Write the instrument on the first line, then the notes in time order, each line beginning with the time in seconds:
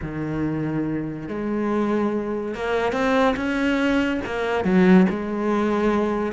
cello
0.02 D#3
1.28 G#3
2.54 A#3
2.92 C4
3.36 C#4
4.25 A#3
4.64 F#3
5.09 G#3